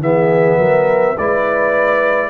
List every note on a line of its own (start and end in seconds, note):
0.00 0.58 E3
0.00 1.17 B3
0.00 0.59 G#4
0.00 1.18 E5
0.58 1.15 F#3
0.58 1.17 A#4
1.18 2.30 G#3
1.18 2.30 E4
1.18 2.30 B4
1.18 2.30 D5